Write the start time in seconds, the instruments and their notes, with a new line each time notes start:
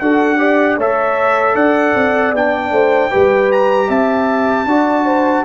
0.00 tuba D4, trombone F#4, horn A4, trumpet F#5
0.38 trombone G4, horn D5
0.77 tuba A3, trombone A4, horn C#5, trumpet E5
1.55 tuba D4, horn D5, trumpet F#5
1.95 tuba C4
2.33 tuba B3, trombone D4, trumpet G5
2.71 tuba A3, horn C5
3.11 tuba G3, trombone G4, horn B4
3.52 trumpet A#5
3.88 tuba C4, horn E5, trumpet A5
4.65 tuba D4, trombone F#4, horn D5
5.05 horn C5